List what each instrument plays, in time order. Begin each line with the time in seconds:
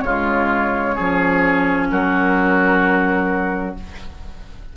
0.00 bassoon C#3, clarinet G#3, oboe F4, flute C#5
0.95 bassoon F3, clarinet C#4, oboe G#4
1.90 bassoon F#3, oboe F#4, flute A#4